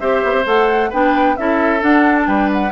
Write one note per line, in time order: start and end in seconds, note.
0.00 0.24 C4
0.00 0.45 G4
0.00 0.90 C5
0.00 0.45 E5
0.24 0.32 B3
0.32 0.44 C4
0.46 0.92 A3
0.46 0.91 A4
0.46 0.92 F#5
0.90 1.38 B3
0.90 1.38 D4
0.90 1.36 B4
0.90 1.37 G5
1.37 1.83 C#4
1.37 1.80 E4
1.37 2.28 A4
1.37 1.82 E5
1.80 2.71 D4
1.80 2.27 D4
1.80 2.17 F#5
2.17 2.27 A5
2.27 2.72 G3
2.27 2.72 B4
2.27 2.50 G5
2.53 2.72 F#5